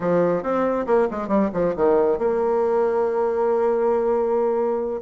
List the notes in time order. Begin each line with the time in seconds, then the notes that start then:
0.00 F3
0.42 C4
0.86 A#3
1.10 G#3
1.28 G3
1.53 F3
1.76 D#3
2.18 A#3